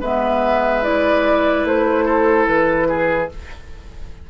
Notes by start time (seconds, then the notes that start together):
0.00 G#3 B3 B4 E5
0.82 E4 D5
1.64 A3 C5
2.05 A4
2.47 E3 B4
2.89 G#4